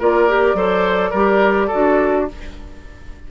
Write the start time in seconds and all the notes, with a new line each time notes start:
0.00 A#3 F4 A#4 D5
0.29 G4
0.54 F#3 A4 C5
1.11 G3 G4 A#4
1.68 F#4 A4
1.75 D4